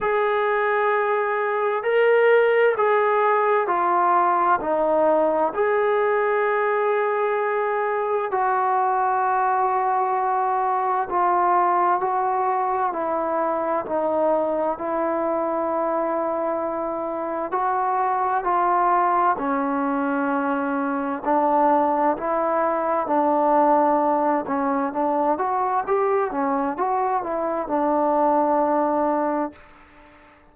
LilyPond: \new Staff \with { instrumentName = "trombone" } { \time 4/4 \tempo 4 = 65 gis'2 ais'4 gis'4 | f'4 dis'4 gis'2~ | gis'4 fis'2. | f'4 fis'4 e'4 dis'4 |
e'2. fis'4 | f'4 cis'2 d'4 | e'4 d'4. cis'8 d'8 fis'8 | g'8 cis'8 fis'8 e'8 d'2 | }